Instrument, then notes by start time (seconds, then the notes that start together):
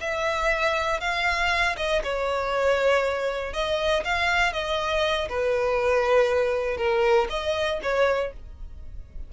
violin
0.00 E5
1.00 F5
1.76 D#5
2.03 C#5
3.53 D#5
4.04 F5
4.52 D#5
5.28 B4
6.77 A#4
7.29 D#5
7.82 C#5